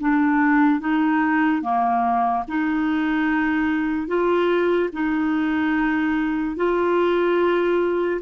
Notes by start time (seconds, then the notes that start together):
0.00 D4
0.80 D#4
1.61 A#3
2.47 D#4
4.07 F4
4.92 D#4
6.56 F4